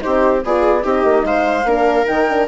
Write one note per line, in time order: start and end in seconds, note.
0.00 0.44 C4
0.00 0.41 D#4
0.00 0.45 G4
0.00 0.43 C5
0.44 0.85 B3
0.44 0.81 F4
0.44 0.83 G#4
0.44 0.86 D5
0.81 1.04 C4
0.81 1.63 D#4
0.81 1.24 G4
0.81 1.26 D#5
1.04 1.24 A#3
1.24 1.64 G#3
1.24 1.68 C5
1.24 2.07 F5
1.64 2.05 A#3
1.64 2.06 D4
1.64 2.48 A#4
2.06 2.48 D#3
2.06 2.26 D#4
2.06 2.48 G5
2.30 2.48 D4